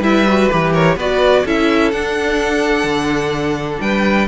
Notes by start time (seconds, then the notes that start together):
0.00 G3 E4 B4 E5
0.29 F#4
0.50 E3 G4 B4
0.72 A#4 C#5
0.96 B3 F#4 B4 D5
1.45 C#4 E4 A4 E5
1.91 D4 F#5
2.84 D3
3.81 G3 B4 G5